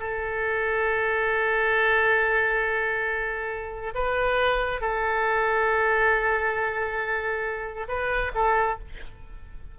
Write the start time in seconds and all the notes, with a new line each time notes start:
0.00 A4
3.95 B4
4.81 A4
7.88 B4
8.35 A4